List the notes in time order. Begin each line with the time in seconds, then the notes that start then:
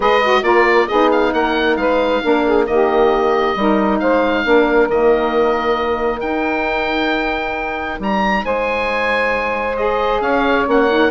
0.00 G#3 G#4 B4 D#5
0.23 F#4
0.42 A#3 F4 A#4 D5
0.87 B3 D#4 G#4 D#5
1.11 F5
1.33 A#3 A#4 F#5
1.76 G#3 B4 F5
2.23 A#3 D4 A#4
2.45 G#4
2.65 D#3 A#3 G4 D#5
3.55 G3 D#4 A#4
3.99 G#3 C5 F5
4.44 A#3 D4 A#4
4.89 D#3 A#3 D#5
6.20 D#4 G5
7.99 G3 A#5
8.44 G#3 C5 G#5
9.77 G#4 D#5
10.20 C#4 C#5 F5
10.65 A#3 C#4 F#5
10.90 D#4